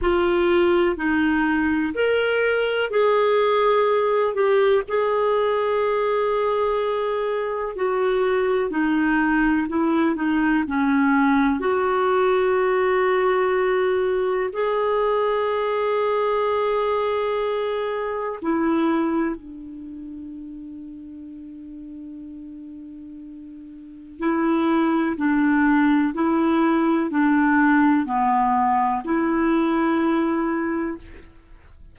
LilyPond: \new Staff \with { instrumentName = "clarinet" } { \time 4/4 \tempo 4 = 62 f'4 dis'4 ais'4 gis'4~ | gis'8 g'8 gis'2. | fis'4 dis'4 e'8 dis'8 cis'4 | fis'2. gis'4~ |
gis'2. e'4 | d'1~ | d'4 e'4 d'4 e'4 | d'4 b4 e'2 | }